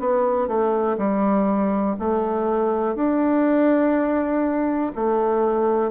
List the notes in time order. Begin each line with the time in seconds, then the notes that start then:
0.00 B3
0.48 A3
0.98 G3
2.00 A3
2.96 D4
4.96 A3